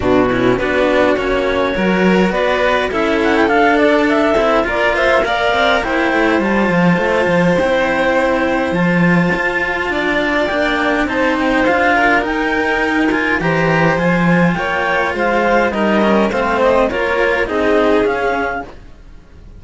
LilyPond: <<
  \new Staff \with { instrumentName = "clarinet" } { \time 4/4 \tempo 4 = 103 fis'4 b'4 cis''2 | d''4 e''8 fis''16 g''16 f''8 d''8 e''4 | d''8 e''8 f''4 g''4 a''4~ | a''4 g''2 a''4~ |
a''2 g''4 a''8 g''8 | f''4 g''4. gis''8 ais''4 | gis''4 g''4 f''4 dis''4 | f''8 dis''8 cis''4 dis''4 f''4 | }
  \new Staff \with { instrumentName = "violin" } { \time 4/4 d'8 e'8 fis'2 ais'4 | b'4 a'2. | ais'8 c''8 d''4 c''2~ | c''1~ |
c''4 d''2 c''4~ | c''8 ais'2~ ais'8 c''4~ | c''4 cis''4 c''4 ais'4 | c''4 ais'4 gis'2 | }
  \new Staff \with { instrumentName = "cello" } { \time 4/4 b8 cis'8 d'4 cis'4 fis'4~ | fis'4 e'4 d'4. e'8 | f'4 ais'4 e'4 f'4~ | f'4 e'2 f'4~ |
f'2 d'4 dis'4 | f'4 dis'4. f'8 g'4 | f'2. dis'8 cis'8 | c'4 f'4 dis'4 cis'4 | }
  \new Staff \with { instrumentName = "cello" } { \time 4/4 b,4 b4 ais4 fis4 | b4 cis'4 d'4. c'8 | ais4. c'8 ais8 a8 g8 f8 | a8 f8 c'2 f4 |
f'4 d'4 ais4 c'4 | d'4 dis'2 e4 | f4 ais4 gis4 g4 | a4 ais4 c'4 cis'4 | }
>>